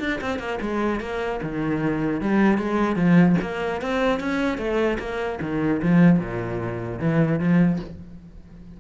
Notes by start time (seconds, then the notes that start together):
0.00 D4
0.21 C4
0.39 A#3
0.61 G#3
1.01 A#3
1.43 D#3
2.21 G3
2.58 G#3
2.96 F3
3.42 A#3
3.82 C4
4.20 C#4
4.58 A3
4.99 A#3
5.42 D#3
5.83 F3
6.20 A#2
7.00 E3
7.40 F3